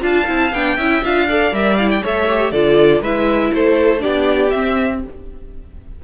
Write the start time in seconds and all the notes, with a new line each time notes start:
0.00 D4 F4 F5 A5
0.26 C4 E4
0.52 B3 D4 G5
0.76 C#4 E4 E5
1.04 D4 F4 F5
1.28 A4 D5
1.52 G3 A#4 E5
1.76 E4 F5
1.90 G5
2.02 A3 A4 C#5 E5
2.29 G4
2.51 D3 F4 A4 D5
3.01 G#3 E4 B4 E5
3.53 A3 A4 C5
3.98 D4 G4 D5
4.04 B3
4.50 C4 E5